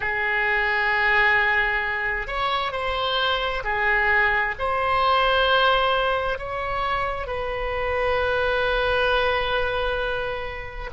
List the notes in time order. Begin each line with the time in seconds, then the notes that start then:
0.00 G#4
2.27 C#5
2.72 C5
3.64 G#4
4.59 C5
6.38 C#5
7.26 B4